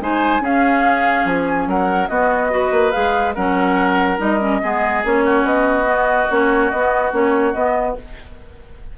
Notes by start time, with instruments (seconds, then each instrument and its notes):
0.00 bassoon G#3, clarinet D#4, oboe C5, flute G#5
0.40 bassoon C#4, clarinet C#4, oboe G#4, flute F5
1.25 bassoon F3, flute G#5
1.67 bassoon F#3, oboe A#4, flute F#5
2.08 bassoon B3, clarinet B3, oboe F#4, flute D#5
2.50 clarinet F#4, oboe B4
2.71 bassoon A#3
2.91 bassoon G#3, clarinet G#4, flute F5
3.34 bassoon F#3, clarinet C#4, oboe A#4, flute F#5
4.17 bassoon G3, clarinet D#4, flute D#5
4.40 clarinet C#4
4.62 bassoon G#3, clarinet B3, oboe G#4
5.04 bassoon A#3, clarinet C#4, flute C#5
5.25 oboe F#4
5.44 bassoon B3, flute D#5
5.84 clarinet B3
6.30 bassoon A#3, clarinet C#4, flute C#5
6.70 bassoon B3, clarinet B3, flute D#5
7.12 bassoon A#3, clarinet C#4, flute C#5
7.53 bassoon B3, clarinet B3, flute D#5